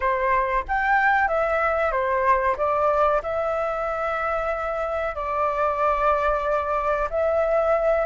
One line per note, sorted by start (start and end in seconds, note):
0.00 0.64 C5
0.68 1.27 G5
1.27 1.91 E5
1.91 2.56 C5
2.57 3.21 D5
3.23 5.15 E5
5.15 7.09 D5
7.09 8.05 E5